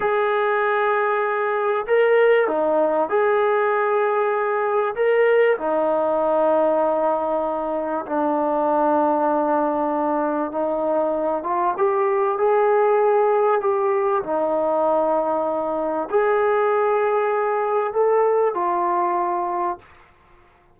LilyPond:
\new Staff \with { instrumentName = "trombone" } { \time 4/4 \tempo 4 = 97 gis'2. ais'4 | dis'4 gis'2. | ais'4 dis'2.~ | dis'4 d'2.~ |
d'4 dis'4. f'8 g'4 | gis'2 g'4 dis'4~ | dis'2 gis'2~ | gis'4 a'4 f'2 | }